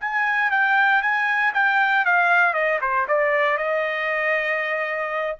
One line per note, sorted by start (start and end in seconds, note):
0.00 0.51 G#5
0.51 1.02 G5
1.02 1.53 G#5
1.53 2.05 G5
2.05 2.53 F5
2.53 2.79 D#5
2.81 3.07 C5
3.08 3.57 D5
3.57 5.37 D#5